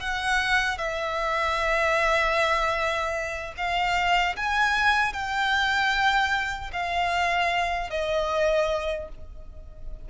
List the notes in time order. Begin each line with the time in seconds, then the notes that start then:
0.00 F#5
0.78 E5
3.57 F5
4.36 G#5
5.13 G5
6.73 F5
7.91 D#5